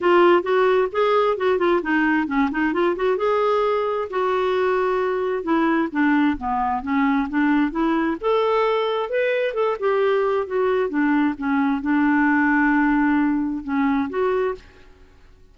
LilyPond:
\new Staff \with { instrumentName = "clarinet" } { \time 4/4 \tempo 4 = 132 f'4 fis'4 gis'4 fis'8 f'8 | dis'4 cis'8 dis'8 f'8 fis'8 gis'4~ | gis'4 fis'2. | e'4 d'4 b4 cis'4 |
d'4 e'4 a'2 | b'4 a'8 g'4. fis'4 | d'4 cis'4 d'2~ | d'2 cis'4 fis'4 | }